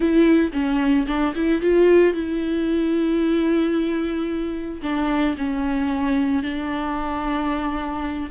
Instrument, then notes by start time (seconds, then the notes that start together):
viola
0.00 E4
0.52 C#4
1.07 D4
1.35 E4
1.61 F4
2.13 E4
4.82 D4
5.37 C#4
6.42 D4